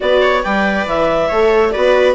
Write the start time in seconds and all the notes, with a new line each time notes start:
0.00 B3 F#4 B4 D5
0.21 C#5
0.42 G3 B4 D5 G5
0.86 E3 E5
1.28 A3 A4 C#5
1.71 B3 F#4 B4 D5